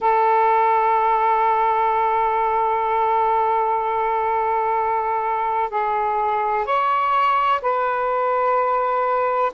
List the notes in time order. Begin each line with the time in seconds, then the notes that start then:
0.00 A4
5.69 G#4
6.65 C#5
7.61 B4